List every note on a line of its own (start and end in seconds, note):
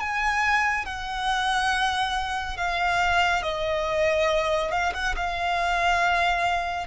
0.00 0.86 G#5
0.86 2.57 F#5
2.57 3.43 F5
3.43 4.71 D#5
4.71 4.93 F5
4.94 5.15 F#5
5.16 6.87 F5